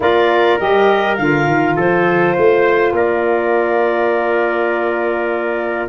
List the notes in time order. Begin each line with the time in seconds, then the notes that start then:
0.00 A#3 F4 A#4 D5
0.58 G3 G4 D#5
1.16 D3 F4 F5
1.46 D#3
1.76 F3 A4 C5
2.33 A3 C5
2.92 A#3 A#4 D5